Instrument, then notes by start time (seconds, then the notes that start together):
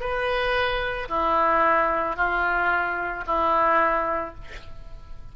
oboe
0.00 B4
1.09 E4
2.16 F4
3.26 E4